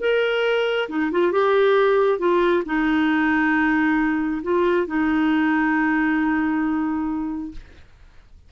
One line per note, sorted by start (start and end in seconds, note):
0.00 0.88 A#4
0.89 1.11 D#4
1.11 1.32 F4
1.32 2.19 G4
2.19 2.63 F4
2.65 4.42 D#4
4.43 4.86 F4
4.86 7.51 D#4